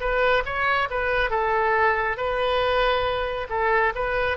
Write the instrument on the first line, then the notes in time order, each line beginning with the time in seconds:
oboe
0.00 B4
0.45 C#5
0.90 B4
1.30 A4
2.17 B4
3.49 A4
3.95 B4